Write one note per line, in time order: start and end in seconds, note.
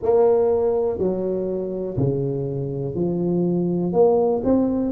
0.02 0.98 A#3
0.98 1.96 F#3
1.97 2.95 C#3
2.95 3.93 F3
3.93 4.42 A#3
4.44 4.91 C4